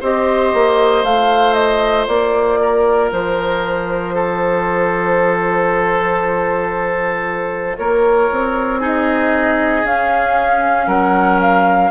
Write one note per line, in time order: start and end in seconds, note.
0.00 0.54 C4
0.00 1.05 G4
0.00 2.59 C5
0.00 1.04 D#5
0.54 1.03 A#3
1.03 2.07 A3
1.03 8.80 F4
1.03 1.53 F5
1.53 2.05 D#5
2.07 3.11 A#3
2.07 3.10 D5
2.61 4.14 A#4
3.12 7.77 F3
3.12 7.77 C5
4.14 7.77 A4
7.77 8.30 A#3
7.77 8.80 A#4
7.77 8.81 C#5
8.31 9.84 C4
8.80 9.83 D#4
8.80 10.86 G#4
8.80 9.86 D#5
9.84 10.87 C#4
9.84 11.91 C#4
9.84 10.88 F5
10.87 11.90 F#3
10.87 11.90 A#4
10.87 11.40 F#5
11.41 11.91 F5